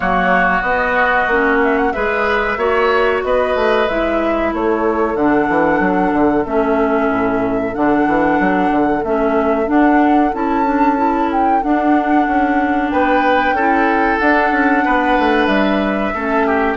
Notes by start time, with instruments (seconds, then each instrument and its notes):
0.00 bassoon F#3, clarinet A#3, oboe F#4, flute C#5
0.61 bassoon B3, clarinet B3, flute D#5
1.27 bassoon A#3, clarinet C#4
1.63 flute E5
1.77 flute F#5
1.92 bassoon G#3, clarinet G#4, oboe B4, flute E5
2.57 bassoon A#3, clarinet F#4, oboe C#5
3.24 bassoon B3, oboe B4, flute D#5
3.55 bassoon A3
3.88 bassoon G#3, clarinet E4, flute E5
4.52 bassoon A3, oboe A4, flute C#5
5.15 bassoon D3, clarinet D4, flute F#5
5.48 bassoon E3
5.79 bassoon F#3
6.12 bassoon D3
6.44 bassoon A3, clarinet C#4, flute E5
7.09 bassoon A2
7.73 bassoon D3, clarinet D4, flute F#5
8.07 bassoon E3
8.39 bassoon F#3
8.70 bassoon D3
9.03 bassoon A3, clarinet C#4, flute E5
9.66 clarinet D4, bassoon D4, flute F#5
10.33 bassoon C#4, clarinet E4, flute A5
10.65 clarinet D4
10.97 clarinet E4
11.31 flute G5
11.62 clarinet D4, bassoon D4, flute F#5
12.27 bassoon C#4
12.90 bassoon B3, oboe B4, flute G5
13.52 bassoon C#4, clarinet E4, oboe A4
14.19 bassoon D4, clarinet D4, flute F#5
14.51 bassoon C#4
14.84 bassoon B3, oboe B4
15.18 bassoon A3
15.46 bassoon G3, flute E5
16.14 bassoon A3, clarinet C#4, oboe A4
16.46 oboe G4